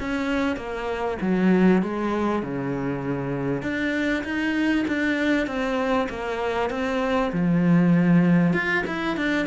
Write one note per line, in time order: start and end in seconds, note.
0.00 0.56 C#4
0.56 1.17 A#3
1.21 1.82 F#3
1.83 2.42 G#3
2.42 3.62 C#3
3.62 4.23 D4
4.24 4.85 D#4
4.88 5.47 D4
5.47 6.08 C4
6.09 6.70 A#3
6.70 7.31 C4
7.32 8.53 F3
8.53 8.84 F4
8.87 9.17 E4
9.17 9.46 D4